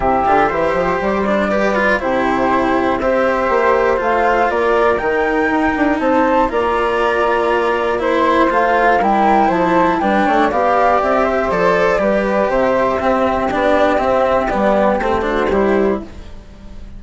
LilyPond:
<<
  \new Staff \with { instrumentName = "flute" } { \time 4/4 \tempo 4 = 120 e''2 d''2 | c''2 e''2 | f''4 d''4 g''2 | a''4 ais''2. |
c'''4 f''4 g''4 a''4 | g''4 f''4 e''4 d''4~ | d''4 e''2 d''4 | e''4 d''4 c''2 | }
  \new Staff \with { instrumentName = "flute" } { \time 4/4 g'4 c''2 b'4 | g'2 c''2~ | c''4 ais'2. | c''4 d''2. |
c''2 ais'4 c''4 | b'8 cis''8 d''4. c''4. | b'4 c''4 g'2~ | g'2~ g'8 fis'8 g'4 | }
  \new Staff \with { instrumentName = "cello" } { \time 4/4 e'8 f'8 g'4. d'8 g'8 f'8 | e'2 g'2 | f'2 dis'2~ | dis'4 f'2. |
e'4 f'4 e'2 | d'4 g'2 a'4 | g'2 c'4 d'4 | c'4 b4 c'8 d'8 e'4 | }
  \new Staff \with { instrumentName = "bassoon" } { \time 4/4 c8 d8 e8 f8 g2 | c2 c'4 ais4 | a4 ais4 dis4 dis'8 d'8 | c'4 ais2.~ |
ais4 a4 g4 f4 | g8 a8 b4 c'4 f4 | g4 c4 c'4 b4 | c'4 g4 a4 g4 | }
>>